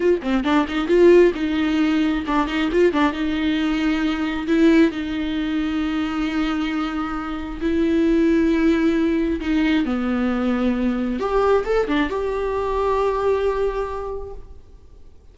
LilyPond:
\new Staff \with { instrumentName = "viola" } { \time 4/4 \tempo 4 = 134 f'8 c'8 d'8 dis'8 f'4 dis'4~ | dis'4 d'8 dis'8 f'8 d'8 dis'4~ | dis'2 e'4 dis'4~ | dis'1~ |
dis'4 e'2.~ | e'4 dis'4 b2~ | b4 g'4 a'8 d'8 g'4~ | g'1 | }